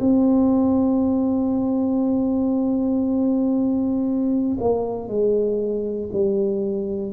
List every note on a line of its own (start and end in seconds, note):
0.00 4.58 C4
4.60 5.08 A#3
5.08 6.10 G#3
6.12 7.12 G3